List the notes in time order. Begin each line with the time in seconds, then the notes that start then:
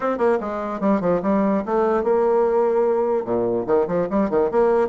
0.00 C4
0.18 A#3
0.40 G#3
0.80 G3
1.01 F3
1.22 G3
1.65 A3
2.03 A#3
3.24 A#2
3.67 D#3
3.87 F3
4.10 G3
4.29 D#3
4.51 A#3